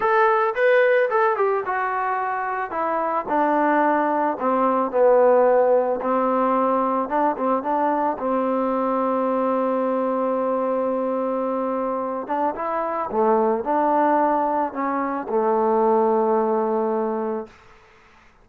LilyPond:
\new Staff \with { instrumentName = "trombone" } { \time 4/4 \tempo 4 = 110 a'4 b'4 a'8 g'8 fis'4~ | fis'4 e'4 d'2 | c'4 b2 c'4~ | c'4 d'8 c'8 d'4 c'4~ |
c'1~ | c'2~ c'8 d'8 e'4 | a4 d'2 cis'4 | a1 | }